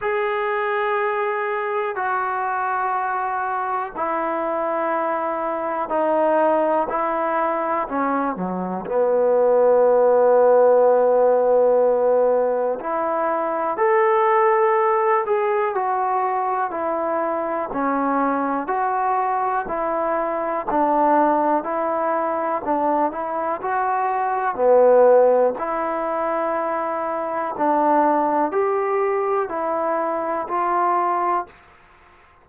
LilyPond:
\new Staff \with { instrumentName = "trombone" } { \time 4/4 \tempo 4 = 61 gis'2 fis'2 | e'2 dis'4 e'4 | cis'8 fis8 b2.~ | b4 e'4 a'4. gis'8 |
fis'4 e'4 cis'4 fis'4 | e'4 d'4 e'4 d'8 e'8 | fis'4 b4 e'2 | d'4 g'4 e'4 f'4 | }